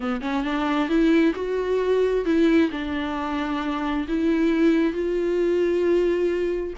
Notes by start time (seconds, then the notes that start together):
0.00 B3
0.21 C#4
0.43 D4
0.88 E4
1.35 F#4
2.25 E4
2.71 D4
4.08 E4
4.93 F4